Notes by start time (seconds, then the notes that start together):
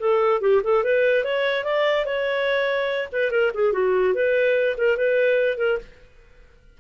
0.00 A4
0.41 G4
0.63 A4
0.84 B4
1.24 C#5
1.64 D5
2.05 C#5
3.12 B4
3.31 A#4
3.54 G#4
3.73 F#4
4.14 B4
4.78 A#4
4.97 B4
5.57 A#4